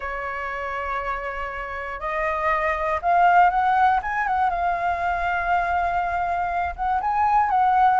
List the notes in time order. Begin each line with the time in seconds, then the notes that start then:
0.00 C#5
2.00 D#5
3.02 F5
3.50 F#5
4.02 G#5
4.27 F#5
4.50 F5
6.75 F#5
7.00 G#5
7.50 F#5